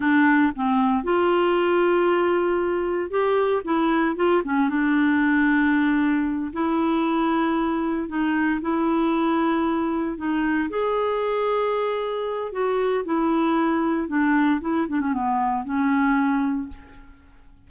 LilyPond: \new Staff \with { instrumentName = "clarinet" } { \time 4/4 \tempo 4 = 115 d'4 c'4 f'2~ | f'2 g'4 e'4 | f'8 cis'8 d'2.~ | d'8 e'2. dis'8~ |
dis'8 e'2. dis'8~ | dis'8 gis'2.~ gis'8 | fis'4 e'2 d'4 | e'8 d'16 cis'16 b4 cis'2 | }